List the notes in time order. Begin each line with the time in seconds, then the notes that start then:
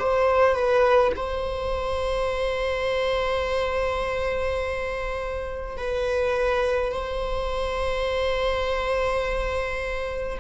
0.00 C5
0.55 B4
1.16 C5
5.77 B4
6.92 C5